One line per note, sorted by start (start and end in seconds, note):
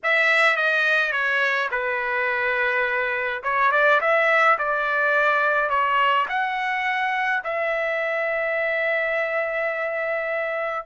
0.03 0.56 E5
0.56 1.11 D#5
1.11 1.69 C#5
1.71 3.42 B4
3.43 3.71 C#5
3.71 4.00 D5
4.01 4.58 E5
4.58 5.69 D5
5.69 6.26 C#5
6.28 7.43 F#5
7.44 10.86 E5